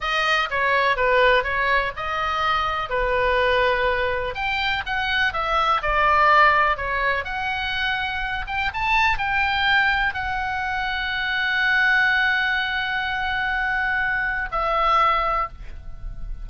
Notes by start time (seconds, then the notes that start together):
0.00 D#5
0.50 C#5
0.96 B4
1.43 C#5
1.96 D#5
2.89 B4
4.34 G5
4.86 F#5
5.33 E5
5.82 D5
6.77 C#5
7.24 F#5
8.47 G5
8.73 A5
9.17 G5
10.13 F#5
14.51 E5